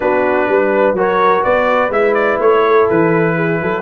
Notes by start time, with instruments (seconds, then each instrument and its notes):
0.00 tuba B3, trombone D4, horn F#4, trumpet B4
0.48 tuba G3, horn B4
0.93 tuba F#3, trombone F#4, horn A#4, trumpet C#5
1.43 tuba B3, horn B4, trumpet D5
1.89 tuba G#3, trombone E4, trumpet E5
2.14 trumpet D5
2.39 tuba A3, trumpet C#5
2.66 horn A4
2.89 tuba E3, trumpet B4
3.36 horn G#4
3.61 tuba F#3, horn A4